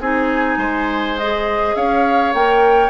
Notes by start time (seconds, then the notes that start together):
0.00 C4 D#4 G#4 G#5
0.57 G#3 C5
1.18 G#4 D#5
1.75 C#4 C#5 F5
2.34 A#3 A#4 G5